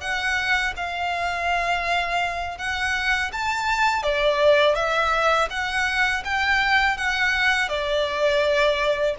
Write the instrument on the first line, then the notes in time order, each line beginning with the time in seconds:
violin
0.00 F#5
0.76 F5
2.57 F#5
3.32 A5
4.02 D5
4.75 E5
5.49 F#5
6.24 G5
6.97 F#5
7.68 D5